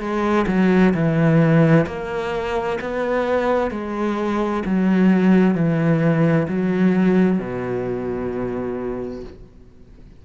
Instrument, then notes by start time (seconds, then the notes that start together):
cello
0.00 G#3
0.48 F#3
0.94 E3
1.87 A#3
2.81 B3
3.71 G#3
4.66 F#3
5.56 E3
6.48 F#3
7.39 B2